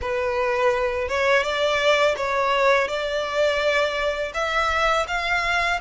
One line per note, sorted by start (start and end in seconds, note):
0.01 1.08 B4
1.08 1.43 C#5
1.43 2.15 D5
2.17 2.88 C#5
2.88 4.32 D5
4.33 5.06 E5
5.07 5.79 F5